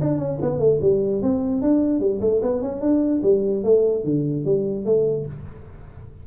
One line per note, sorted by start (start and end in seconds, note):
0.00 0.18 D4
0.18 0.38 C#4
0.41 0.59 B3
0.59 0.79 A3
0.81 1.22 G3
1.22 1.61 C4
1.61 2.00 D4
2.00 2.20 G3
2.20 2.41 A3
2.42 2.61 B3
2.61 2.80 C#4
2.80 3.21 D4
3.23 3.63 G3
3.63 4.04 A3
4.04 4.44 D3
4.45 4.85 G3
4.85 5.26 A3